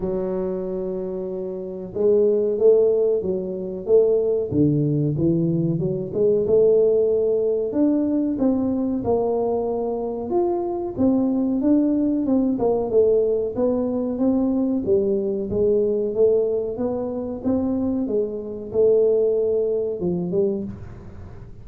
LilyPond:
\new Staff \with { instrumentName = "tuba" } { \time 4/4 \tempo 4 = 93 fis2. gis4 | a4 fis4 a4 d4 | e4 fis8 gis8 a2 | d'4 c'4 ais2 |
f'4 c'4 d'4 c'8 ais8 | a4 b4 c'4 g4 | gis4 a4 b4 c'4 | gis4 a2 f8 g8 | }